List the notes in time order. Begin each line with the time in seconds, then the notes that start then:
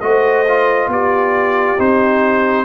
0.00 A3 F#4 C5 D#5
0.47 F4
0.87 B3 G4 D5
1.77 C4 D#4 C5